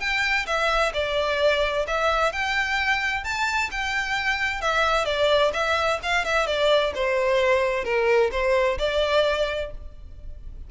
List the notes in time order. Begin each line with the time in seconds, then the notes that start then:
0.00 G5
0.46 E5
0.94 D5
1.87 E5
2.32 G5
3.24 A5
3.71 G5
4.61 E5
5.05 D5
5.53 E5
6.03 F5
6.25 E5
6.47 D5
6.95 C5
7.84 A#4
8.32 C5
8.78 D5